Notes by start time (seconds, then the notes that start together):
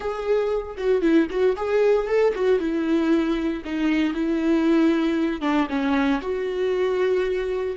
0.00 G#4
0.77 F#4
1.01 E4
1.30 F#4
1.56 G#4
2.07 A4
2.34 F#4
2.59 E4
3.65 D#4
4.13 E4
5.41 D4
5.69 C#4
6.21 F#4